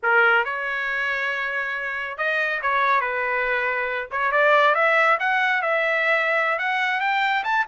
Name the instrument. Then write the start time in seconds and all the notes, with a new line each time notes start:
trumpet
0.02 A#4
0.44 C#5
2.17 D#5
2.62 C#5
3.00 B4
4.11 C#5
4.31 D5
4.74 E5
5.19 F#5
5.62 E5
6.58 F#5
7.00 G5
7.44 A5